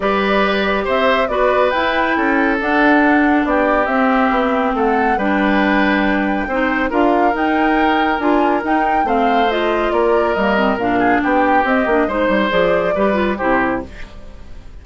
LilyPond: <<
  \new Staff \with { instrumentName = "flute" } { \time 4/4 \tempo 4 = 139 d''2 e''4 d''4 | g''2 fis''2 | d''4 e''2 fis''4 | g''1 |
f''4 g''2 gis''4 | g''4 f''4 dis''4 d''4 | dis''4 f''4 g''4 dis''4 | c''4 d''2 c''4 | }
  \new Staff \with { instrumentName = "oboe" } { \time 4/4 b'2 c''4 b'4~ | b'4 a'2. | g'2. a'4 | b'2. c''4 |
ais'1~ | ais'4 c''2 ais'4~ | ais'4. gis'8 g'2 | c''2 b'4 g'4 | }
  \new Staff \with { instrumentName = "clarinet" } { \time 4/4 g'2. fis'4 | e'2 d'2~ | d'4 c'2. | d'2. dis'4 |
f'4 dis'2 f'4 | dis'4 c'4 f'2 | ais8 c'8 d'2 c'8 d'8 | dis'4 gis'4 g'8 f'8 e'4 | }
  \new Staff \with { instrumentName = "bassoon" } { \time 4/4 g2 c'4 b4 | e'4 cis'4 d'2 | b4 c'4 b4 a4 | g2. c'4 |
d'4 dis'2 d'4 | dis'4 a2 ais4 | g4 ais,4 b4 c'8 ais8 | gis8 g8 f4 g4 c4 | }
>>